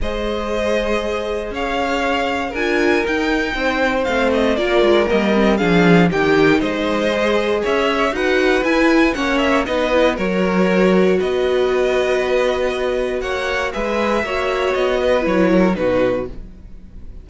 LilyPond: <<
  \new Staff \with { instrumentName = "violin" } { \time 4/4 \tempo 4 = 118 dis''2. f''4~ | f''4 gis''4 g''2 | f''8 dis''8 d''4 dis''4 f''4 | g''4 dis''2 e''4 |
fis''4 gis''4 fis''8 e''8 dis''4 | cis''2 dis''2~ | dis''2 fis''4 e''4~ | e''4 dis''4 cis''4 b'4 | }
  \new Staff \with { instrumentName = "violin" } { \time 4/4 c''2. cis''4~ | cis''4 ais'2 c''4~ | c''4 ais'2 gis'4 | g'4 c''2 cis''4 |
b'2 cis''4 b'4 | ais'2 b'2~ | b'2 cis''4 b'4 | cis''4. b'4 ais'8 fis'4 | }
  \new Staff \with { instrumentName = "viola" } { \time 4/4 gis'1~ | gis'4 f'4 dis'2 | c'4 f'4 ais8 c'8 d'4 | dis'2 gis'2 |
fis'4 e'4 cis'4 dis'8 e'8 | fis'1~ | fis'2. gis'4 | fis'2 e'4 dis'4 | }
  \new Staff \with { instrumentName = "cello" } { \time 4/4 gis2. cis'4~ | cis'4 d'4 dis'4 c'4 | a4 ais8 gis8 g4 f4 | dis4 gis2 cis'4 |
dis'4 e'4 ais4 b4 | fis2 b2~ | b2 ais4 gis4 | ais4 b4 fis4 b,4 | }
>>